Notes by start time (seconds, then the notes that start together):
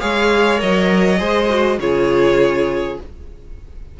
0.00 G#3 G#4 C#5 F5
0.58 F#3 A#4 D#5
1.18 G#3 G#4 C5
1.50 F#4
1.79 C#3 F4 G#4 C#5